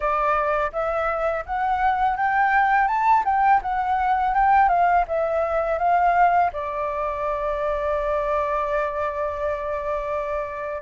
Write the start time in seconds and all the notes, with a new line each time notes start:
0.00 D5
0.72 E5
1.45 F#5
2.16 G5
2.87 A5
3.24 G5
3.61 F#5
4.34 G5
4.68 F5
5.07 E5
5.78 F5
6.53 D5